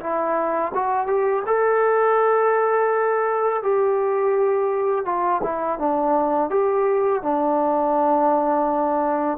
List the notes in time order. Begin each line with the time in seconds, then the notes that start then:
0.00 E4
0.75 F#4
1.07 G4
1.47 A4
3.63 G4
5.05 F4
5.43 E4
5.79 D4
6.50 G4
7.23 D4